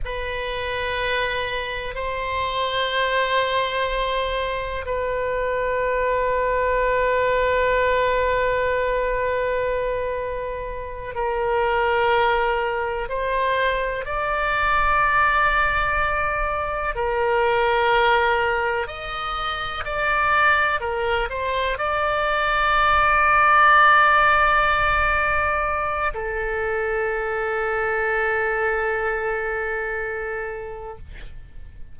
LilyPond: \new Staff \with { instrumentName = "oboe" } { \time 4/4 \tempo 4 = 62 b'2 c''2~ | c''4 b'2.~ | b'2.~ b'8 ais'8~ | ais'4. c''4 d''4.~ |
d''4. ais'2 dis''8~ | dis''8 d''4 ais'8 c''8 d''4.~ | d''2. a'4~ | a'1 | }